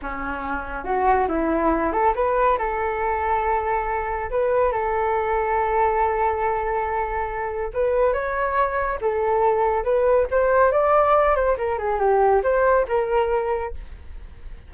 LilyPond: \new Staff \with { instrumentName = "flute" } { \time 4/4 \tempo 4 = 140 cis'2 fis'4 e'4~ | e'8 a'8 b'4 a'2~ | a'2 b'4 a'4~ | a'1~ |
a'2 b'4 cis''4~ | cis''4 a'2 b'4 | c''4 d''4. c''8 ais'8 gis'8 | g'4 c''4 ais'2 | }